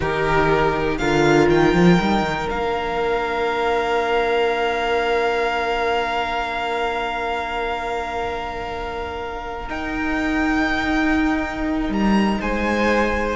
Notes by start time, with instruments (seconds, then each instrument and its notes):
0.00 cello D#3, viola D#4, violin G4 A#4
0.98 cello D3, viola F4, violin A#4 F5
1.49 cello D#3, violin G5
1.73 cello F3
2.00 cello G3, viola D#4
2.21 cello D#3
2.48 cello A#3, viola D4, violin F5
9.67 viola D#4, cello D#4, violin G5
11.89 cello G3, violin A#5
12.40 cello G#3, violin C5 G#5